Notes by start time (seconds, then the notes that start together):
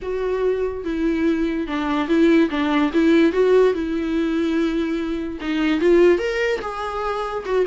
0.02 F#4
0.84 E4
1.67 D4
2.07 E4
2.50 D4
2.93 E4
3.32 F#4
3.73 E4
5.40 D#4
5.80 F4
6.18 A#4
6.61 G#4
7.45 F#4